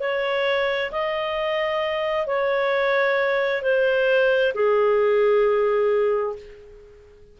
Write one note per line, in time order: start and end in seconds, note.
0.00 0.91 C#5
0.91 2.26 D#5
2.26 3.62 C#5
3.62 4.53 C5
4.54 6.36 G#4